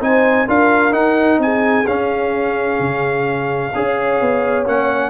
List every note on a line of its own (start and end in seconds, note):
0.00 0.47 C4
0.00 0.47 D#4
0.00 0.46 C5
0.00 0.48 G#5
0.46 0.92 D4
0.46 0.91 F4
0.46 1.39 A#4
0.46 0.93 F5
0.91 1.84 D#4
0.91 1.38 D#4
0.91 1.39 F#5
1.38 1.84 C4
1.38 3.76 G#4
1.38 1.86 G#5
1.86 3.73 C#4
1.86 2.79 C#4
1.86 4.65 F5
2.79 3.72 C#3
3.74 4.20 C#4
3.74 4.66 G#4
3.74 5.10 C#5
4.20 4.66 B3
4.66 5.10 A#3
4.66 5.10 C#4
4.66 5.10 F#5